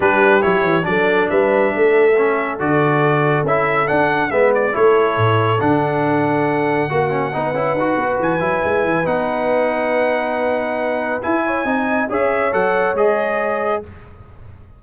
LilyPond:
<<
  \new Staff \with { instrumentName = "trumpet" } { \time 4/4 \tempo 4 = 139 b'4 cis''4 d''4 e''4~ | e''2 d''2 | e''4 fis''4 e''8 d''8 cis''4~ | cis''4 fis''2.~ |
fis''2. gis''4~ | gis''4 fis''2.~ | fis''2 gis''2 | e''4 fis''4 dis''2 | }
  \new Staff \with { instrumentName = "horn" } { \time 4/4 g'2 a'4 b'4 | a'1~ | a'2 b'4 a'4~ | a'1 |
fis'4 b'2.~ | b'1~ | b'2~ b'8 cis''8 dis''4 | cis''1 | }
  \new Staff \with { instrumentName = "trombone" } { \time 4/4 d'4 e'4 d'2~ | d'4 cis'4 fis'2 | e'4 d'4 b4 e'4~ | e'4 d'2. |
fis'8 cis'8 dis'8 e'8 fis'4. e'8~ | e'4 dis'2.~ | dis'2 e'4 dis'4 | gis'4 a'4 gis'2 | }
  \new Staff \with { instrumentName = "tuba" } { \time 4/4 g4 fis8 e8 fis4 g4 | a2 d2 | cis'4 d'4 gis4 a4 | a,4 d2. |
ais4 b8 cis'8 dis'8 b8 e8 fis8 | gis8 e8 b2.~ | b2 e'4 c'4 | cis'4 fis4 gis2 | }
>>